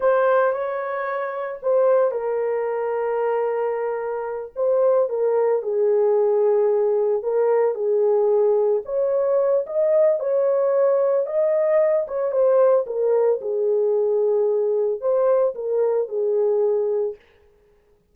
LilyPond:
\new Staff \with { instrumentName = "horn" } { \time 4/4 \tempo 4 = 112 c''4 cis''2 c''4 | ais'1~ | ais'8 c''4 ais'4 gis'4.~ | gis'4. ais'4 gis'4.~ |
gis'8 cis''4. dis''4 cis''4~ | cis''4 dis''4. cis''8 c''4 | ais'4 gis'2. | c''4 ais'4 gis'2 | }